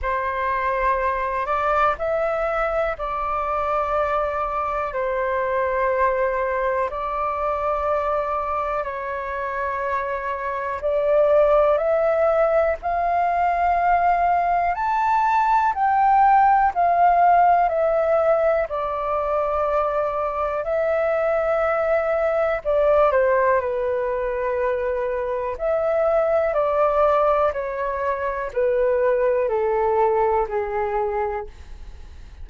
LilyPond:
\new Staff \with { instrumentName = "flute" } { \time 4/4 \tempo 4 = 61 c''4. d''8 e''4 d''4~ | d''4 c''2 d''4~ | d''4 cis''2 d''4 | e''4 f''2 a''4 |
g''4 f''4 e''4 d''4~ | d''4 e''2 d''8 c''8 | b'2 e''4 d''4 | cis''4 b'4 a'4 gis'4 | }